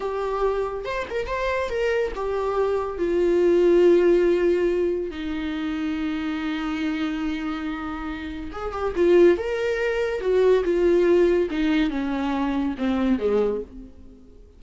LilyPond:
\new Staff \with { instrumentName = "viola" } { \time 4/4 \tempo 4 = 141 g'2 c''8 ais'8 c''4 | ais'4 g'2 f'4~ | f'1 | dis'1~ |
dis'1 | gis'8 g'8 f'4 ais'2 | fis'4 f'2 dis'4 | cis'2 c'4 gis4 | }